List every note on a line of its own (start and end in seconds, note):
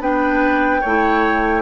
0.00 0.81 B3
0.00 0.82 D4
0.00 0.81 B4
0.00 1.62 G5
0.81 1.62 A3
0.81 1.62 E4
0.81 1.62 C#5